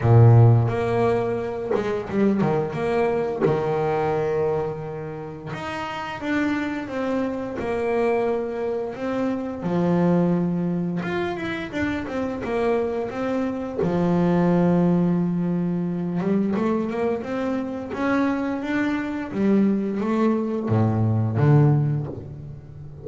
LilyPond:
\new Staff \with { instrumentName = "double bass" } { \time 4/4 \tempo 4 = 87 ais,4 ais4. gis8 g8 dis8 | ais4 dis2. | dis'4 d'4 c'4 ais4~ | ais4 c'4 f2 |
f'8 e'8 d'8 c'8 ais4 c'4 | f2.~ f8 g8 | a8 ais8 c'4 cis'4 d'4 | g4 a4 a,4 d4 | }